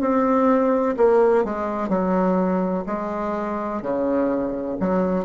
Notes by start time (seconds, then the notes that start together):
0.00 C4
0.97 A#3
1.44 G#3
1.89 F#3
2.86 G#3
3.81 C#3
4.80 F#3